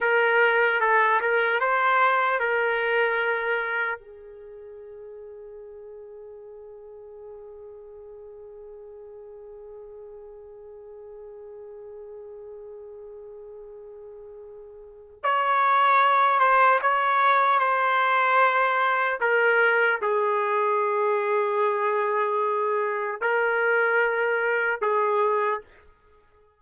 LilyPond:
\new Staff \with { instrumentName = "trumpet" } { \time 4/4 \tempo 4 = 75 ais'4 a'8 ais'8 c''4 ais'4~ | ais'4 gis'2.~ | gis'1~ | gis'1~ |
gis'2. cis''4~ | cis''8 c''8 cis''4 c''2 | ais'4 gis'2.~ | gis'4 ais'2 gis'4 | }